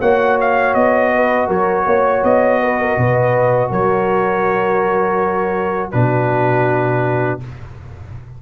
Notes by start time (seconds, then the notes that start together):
0.00 A#3 F#4 C#5 F#5
0.41 F5
0.75 B3 D#5
1.15 B4
1.47 F#3 A#4 C#5
1.86 A#3 C#5
2.24 B3 D#5
2.63 B4
2.80 A#4
2.98 B2 B4
3.69 F#3 A#4 C#5
5.91 B2 D4 F#4 B4